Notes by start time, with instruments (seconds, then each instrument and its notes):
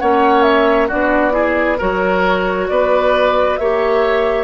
0.00 bassoon A#3, clarinet C#4, oboe C#5, flute F#5
0.43 flute E5
0.88 bassoon B3, clarinet D4, oboe F#4, flute D5
1.32 clarinet E4, oboe G#4
1.78 bassoon F#3, clarinet F#4, oboe A#4, flute C#5
2.69 bassoon B3, oboe B4, flute D5
3.58 bassoon A#3, clarinet G4, oboe C#5, flute E5